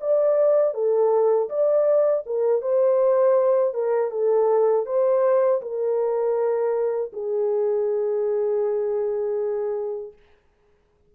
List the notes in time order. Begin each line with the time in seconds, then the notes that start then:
0.00 D5
0.74 A4
1.49 D5
2.26 A#4
2.61 C5
3.74 A#4
4.11 A4
4.86 C5
5.61 A#4
7.12 G#4